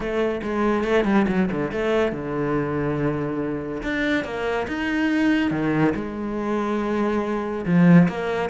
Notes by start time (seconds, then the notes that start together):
0.00 A3
0.42 G#3
0.84 A3
1.04 G3
1.28 F#3
1.51 D3
1.71 A3
2.12 D3
3.82 D4
4.24 A#3
4.67 D#4
5.50 D#3
5.95 G#3
7.65 F3
8.08 A#3